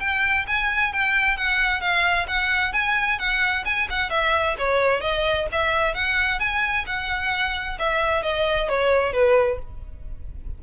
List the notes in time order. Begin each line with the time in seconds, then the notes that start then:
0.00 G5
0.47 G#5
0.93 G5
1.37 F#5
1.81 F5
2.28 F#5
2.73 G#5
3.19 F#5
3.65 G#5
3.90 F#5
4.10 E5
4.58 C#5
5.01 D#5
5.52 E5
5.94 F#5
6.40 G#5
6.86 F#5
7.79 E5
8.23 D#5
8.69 C#5
9.13 B4